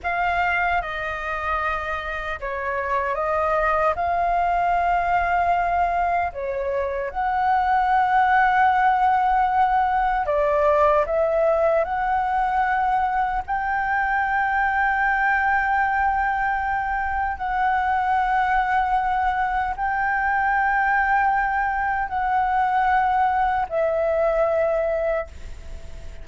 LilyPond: \new Staff \with { instrumentName = "flute" } { \time 4/4 \tempo 4 = 76 f''4 dis''2 cis''4 | dis''4 f''2. | cis''4 fis''2.~ | fis''4 d''4 e''4 fis''4~ |
fis''4 g''2.~ | g''2 fis''2~ | fis''4 g''2. | fis''2 e''2 | }